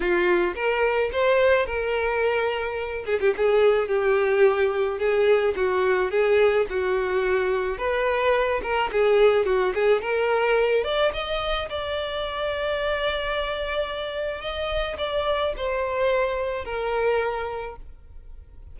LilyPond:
\new Staff \with { instrumentName = "violin" } { \time 4/4 \tempo 4 = 108 f'4 ais'4 c''4 ais'4~ | ais'4. gis'16 g'16 gis'4 g'4~ | g'4 gis'4 fis'4 gis'4 | fis'2 b'4. ais'8 |
gis'4 fis'8 gis'8 ais'4. d''8 | dis''4 d''2.~ | d''2 dis''4 d''4 | c''2 ais'2 | }